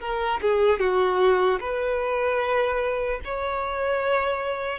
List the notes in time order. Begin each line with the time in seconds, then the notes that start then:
0.00 A#4
0.41 G#4
0.79 F#4
1.60 B4
3.24 C#5